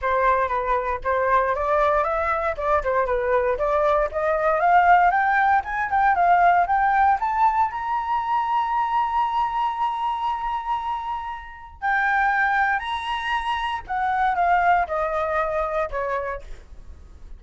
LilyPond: \new Staff \with { instrumentName = "flute" } { \time 4/4 \tempo 4 = 117 c''4 b'4 c''4 d''4 | e''4 d''8 c''8 b'4 d''4 | dis''4 f''4 g''4 gis''8 g''8 | f''4 g''4 a''4 ais''4~ |
ais''1~ | ais''2. g''4~ | g''4 ais''2 fis''4 | f''4 dis''2 cis''4 | }